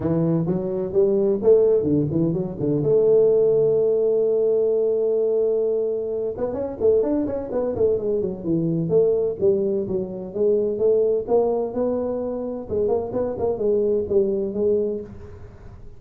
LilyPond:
\new Staff \with { instrumentName = "tuba" } { \time 4/4 \tempo 4 = 128 e4 fis4 g4 a4 | d8 e8 fis8 d8 a2~ | a1~ | a4. b8 cis'8 a8 d'8 cis'8 |
b8 a8 gis8 fis8 e4 a4 | g4 fis4 gis4 a4 | ais4 b2 gis8 ais8 | b8 ais8 gis4 g4 gis4 | }